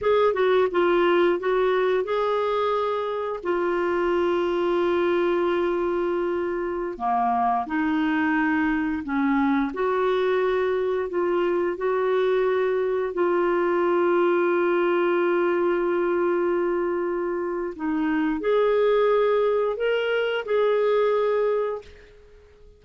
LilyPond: \new Staff \with { instrumentName = "clarinet" } { \time 4/4 \tempo 4 = 88 gis'8 fis'8 f'4 fis'4 gis'4~ | gis'4 f'2.~ | f'2~ f'16 ais4 dis'8.~ | dis'4~ dis'16 cis'4 fis'4.~ fis'16~ |
fis'16 f'4 fis'2 f'8.~ | f'1~ | f'2 dis'4 gis'4~ | gis'4 ais'4 gis'2 | }